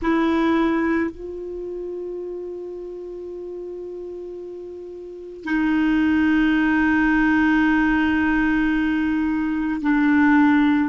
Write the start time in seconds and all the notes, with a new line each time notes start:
0.01 E4
1.10 F4
5.44 D#4
9.81 D4